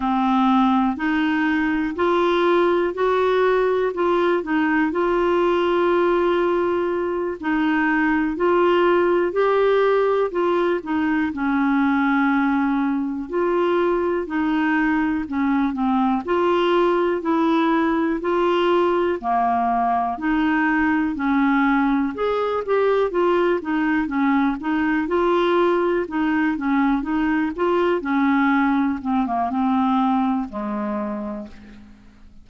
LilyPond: \new Staff \with { instrumentName = "clarinet" } { \time 4/4 \tempo 4 = 61 c'4 dis'4 f'4 fis'4 | f'8 dis'8 f'2~ f'8 dis'8~ | dis'8 f'4 g'4 f'8 dis'8 cis'8~ | cis'4. f'4 dis'4 cis'8 |
c'8 f'4 e'4 f'4 ais8~ | ais8 dis'4 cis'4 gis'8 g'8 f'8 | dis'8 cis'8 dis'8 f'4 dis'8 cis'8 dis'8 | f'8 cis'4 c'16 ais16 c'4 gis4 | }